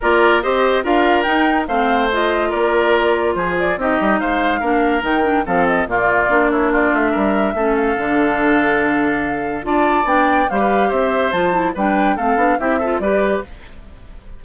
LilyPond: <<
  \new Staff \with { instrumentName = "flute" } { \time 4/4 \tempo 4 = 143 d''4 dis''4 f''4 g''4 | f''4 dis''4 d''2 | c''8 d''8 dis''4 f''2 | g''4 f''8 dis''8 d''4. cis''8 |
d''8 e''2 f''4.~ | f''2. a''4 | g''4 f''4 e''4 a''4 | g''4 f''4 e''4 d''4 | }
  \new Staff \with { instrumentName = "oboe" } { \time 4/4 ais'4 c''4 ais'2 | c''2 ais'2 | gis'4 g'4 c''4 ais'4~ | ais'4 a'4 f'4. e'8 |
f'4 ais'4 a'2~ | a'2. d''4~ | d''4 c''16 b'8. c''2 | b'4 a'4 g'8 a'8 b'4 | }
  \new Staff \with { instrumentName = "clarinet" } { \time 4/4 f'4 g'4 f'4 dis'4 | c'4 f'2.~ | f'4 dis'2 d'4 | dis'8 d'8 c'4 ais4 d'4~ |
d'2 cis'4 d'4~ | d'2. f'4 | d'4 g'2 f'8 e'8 | d'4 c'8 d'8 e'8 f'8 g'4 | }
  \new Staff \with { instrumentName = "bassoon" } { \time 4/4 ais4 c'4 d'4 dis'4 | a2 ais2 | f4 c'8 g8 gis4 ais4 | dis4 f4 ais,4 ais4~ |
ais8 a8 g4 a4 d4~ | d2. d'4 | b4 g4 c'4 f4 | g4 a8 b8 c'4 g4 | }
>>